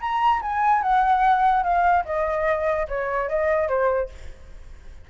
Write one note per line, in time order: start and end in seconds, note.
0.00 0.41 A#5
0.41 0.82 G#5
0.82 1.63 F#5
1.63 2.04 F5
2.05 2.87 D#5
2.88 3.29 C#5
3.29 3.68 D#5
3.68 4.09 C5